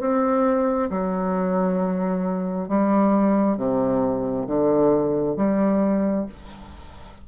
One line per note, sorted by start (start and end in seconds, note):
0.00 0.90 C4
0.90 2.68 F#3
2.68 3.57 G3
3.57 4.47 C3
4.47 5.36 D3
5.36 6.26 G3